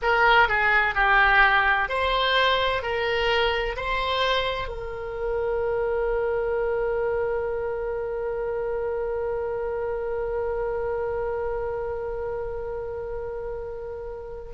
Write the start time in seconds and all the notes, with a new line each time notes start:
0.02 A#4
0.48 G#4
0.95 G4
1.88 C5
2.82 A#4
3.76 C5
4.67 A#4